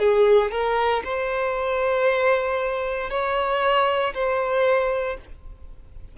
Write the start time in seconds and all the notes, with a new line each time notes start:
0.00 G#4
0.52 A#4
1.04 C5
3.10 C#5
4.14 C5